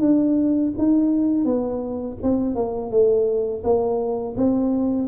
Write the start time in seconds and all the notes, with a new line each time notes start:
0.00 D4
0.79 D#4
1.45 B3
2.23 C4
2.56 A#3
2.91 A3
3.64 A#3
4.37 C4